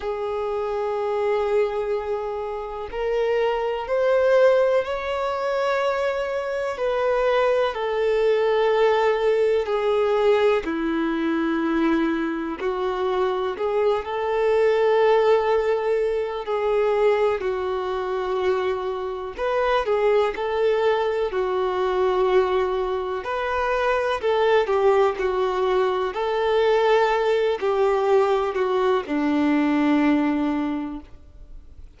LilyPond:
\new Staff \with { instrumentName = "violin" } { \time 4/4 \tempo 4 = 62 gis'2. ais'4 | c''4 cis''2 b'4 | a'2 gis'4 e'4~ | e'4 fis'4 gis'8 a'4.~ |
a'4 gis'4 fis'2 | b'8 gis'8 a'4 fis'2 | b'4 a'8 g'8 fis'4 a'4~ | a'8 g'4 fis'8 d'2 | }